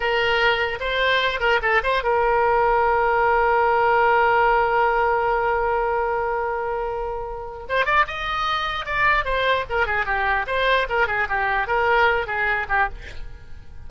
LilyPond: \new Staff \with { instrumentName = "oboe" } { \time 4/4 \tempo 4 = 149 ais'2 c''4. ais'8 | a'8 c''8 ais'2.~ | ais'1~ | ais'1~ |
ais'2. c''8 d''8 | dis''2 d''4 c''4 | ais'8 gis'8 g'4 c''4 ais'8 gis'8 | g'4 ais'4. gis'4 g'8 | }